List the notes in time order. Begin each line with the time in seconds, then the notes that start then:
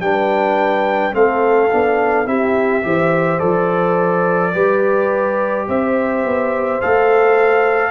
0.00 G3 D4 B4 G5
1.12 A3 C4 A4 F5
1.70 B3 D4
2.25 C4 E4 G4 E5
2.83 E3 G4 C5
3.39 F3 A4 D5
4.54 G3 G4 B4
5.68 C4 C5 E5
6.25 B3
6.81 A3 A4 F5